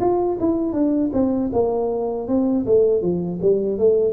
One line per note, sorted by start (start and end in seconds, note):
0.00 0.38 F4
0.40 0.73 E4
0.73 1.10 D4
1.13 1.50 C4
1.52 2.27 A#3
2.27 2.65 C4
2.65 3.01 A3
3.01 3.39 F3
3.41 3.78 G3
3.78 4.13 A3